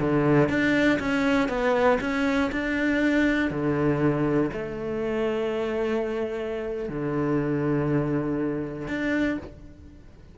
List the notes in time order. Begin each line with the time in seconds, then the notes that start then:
0.00 D3
0.49 D4
0.99 C#4
1.48 B3
2.00 C#4
2.51 D4
3.50 D3
4.52 A3
6.89 D3
8.88 D4